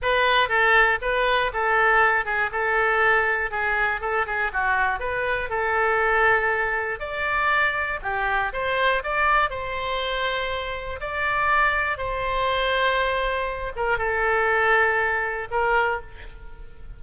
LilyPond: \new Staff \with { instrumentName = "oboe" } { \time 4/4 \tempo 4 = 120 b'4 a'4 b'4 a'4~ | a'8 gis'8 a'2 gis'4 | a'8 gis'8 fis'4 b'4 a'4~ | a'2 d''2 |
g'4 c''4 d''4 c''4~ | c''2 d''2 | c''2.~ c''8 ais'8 | a'2. ais'4 | }